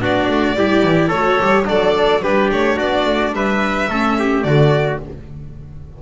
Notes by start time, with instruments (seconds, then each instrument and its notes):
0.00 double bass B3, viola D4, trumpet F#4, violin D5
0.28 double bass A3
0.56 double bass G3, viola E4, trumpet G4
0.83 double bass E3
1.08 double bass A3, trumpet A4, violin C#5
1.14 viola F#4
1.39 double bass G3, viola G4
1.65 double bass F#3, trumpet D4, viola A4, violin D5
2.22 double bass G3, viola D4, trumpet G4, violin B4
2.52 double bass A3, violin C#5
2.76 double bass B3, trumpet F#4, violin D5
3.05 double bass A3
3.33 double bass G3, trumpet B4, violin E5
3.89 double bass A3, viola C#4, trumpet A4
4.19 trumpet G4
4.43 double bass D3, viola A3, trumpet F#4, violin D5